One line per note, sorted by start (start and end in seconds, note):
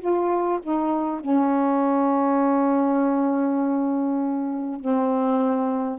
0.00 0.60 F4
0.63 1.21 D#4
1.21 4.81 C#4
4.81 5.99 C4